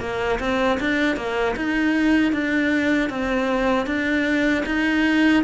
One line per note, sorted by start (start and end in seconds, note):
0.00 0.39 A#3
0.40 0.79 C4
0.80 1.16 D4
1.16 1.55 A#3
1.56 2.32 D#4
2.32 3.10 D4
3.10 3.86 C4
3.86 4.64 D4
4.66 5.44 D#4